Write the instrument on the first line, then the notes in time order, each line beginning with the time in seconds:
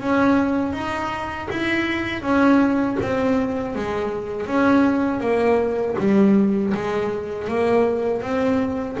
double bass
0.00 C#4
0.73 D#4
1.50 E4
2.22 C#4
3.01 C4
3.75 G#3
4.46 C#4
5.20 A#3
5.98 G3
6.74 G#3
7.48 A#3
8.21 C4